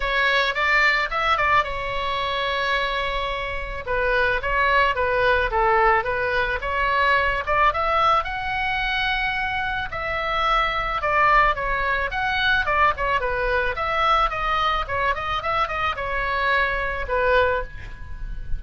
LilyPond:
\new Staff \with { instrumentName = "oboe" } { \time 4/4 \tempo 4 = 109 cis''4 d''4 e''8 d''8 cis''4~ | cis''2. b'4 | cis''4 b'4 a'4 b'4 | cis''4. d''8 e''4 fis''4~ |
fis''2 e''2 | d''4 cis''4 fis''4 d''8 cis''8 | b'4 e''4 dis''4 cis''8 dis''8 | e''8 dis''8 cis''2 b'4 | }